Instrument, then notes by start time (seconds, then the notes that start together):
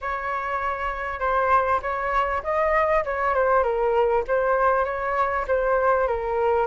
flute
0.01 C#5
1.19 C5
1.82 C#5
2.43 D#5
3.04 C#5
3.34 C5
3.63 A#4
4.27 C5
4.85 C#5
5.47 C5
6.07 A#4